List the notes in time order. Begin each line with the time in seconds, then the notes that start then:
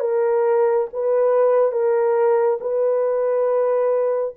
0.00 A#4
0.93 B4
1.72 A#4
2.60 B4